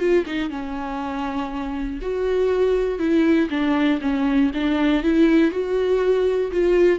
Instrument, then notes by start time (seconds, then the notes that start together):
viola
0.00 F4
0.26 D#4
0.50 C#4
2.02 F#4
2.99 E4
3.50 D4
4.02 C#4
4.54 D4
5.04 E4
5.52 F#4
6.52 F4